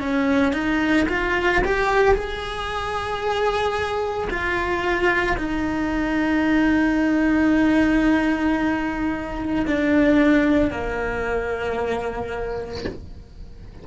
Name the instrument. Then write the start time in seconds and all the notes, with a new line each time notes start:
cello
0.00 C#4
0.53 D#4
1.09 F4
1.65 G4
2.14 G#4
4.30 F4
5.37 D#4
9.67 D4
10.71 A#3